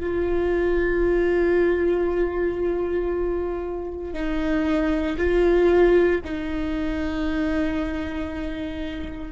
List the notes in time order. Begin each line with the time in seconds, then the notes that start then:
0.00 F4
4.13 D#4
5.18 F4
6.24 D#4